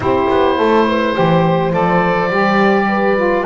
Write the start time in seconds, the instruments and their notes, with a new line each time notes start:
0.00 double bass C4, saxophone E4, horn G4, oboe C5
0.30 double bass B3
0.57 double bass A3, horn A4
0.87 horn B4
1.14 double bass E3, saxophone G4, horn C5
1.71 double bass F3, saxophone A4, oboe D5
2.29 double bass G3, saxophone G4
2.88 horn B4
3.16 saxophone F4